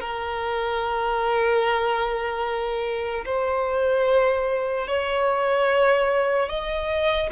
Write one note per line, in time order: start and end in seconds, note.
0.00 3.24 A#4
3.25 4.87 C5
4.87 6.49 C#5
6.49 7.30 D#5